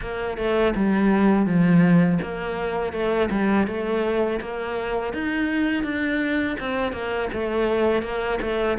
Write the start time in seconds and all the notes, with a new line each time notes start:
0.01 A#3
0.37 A3
0.75 G3
1.45 F3
2.22 A#3
2.92 A3
3.30 G3
3.67 A3
4.41 A#3
5.13 D#4
5.83 D4
6.59 C4
6.92 A#3
7.32 A3
8.02 A#3
8.41 A3